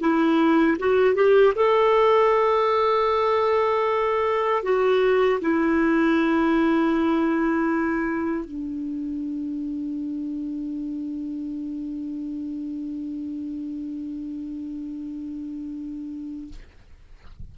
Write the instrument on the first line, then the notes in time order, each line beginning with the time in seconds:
clarinet
0.00 E4
0.79 F#4
1.14 G4
1.55 A4
4.63 F#4
5.41 E4
8.45 D4